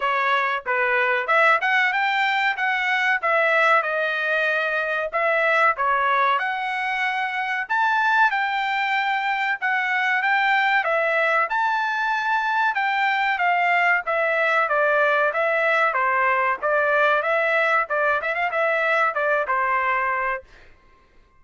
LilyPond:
\new Staff \with { instrumentName = "trumpet" } { \time 4/4 \tempo 4 = 94 cis''4 b'4 e''8 fis''8 g''4 | fis''4 e''4 dis''2 | e''4 cis''4 fis''2 | a''4 g''2 fis''4 |
g''4 e''4 a''2 | g''4 f''4 e''4 d''4 | e''4 c''4 d''4 e''4 | d''8 e''16 f''16 e''4 d''8 c''4. | }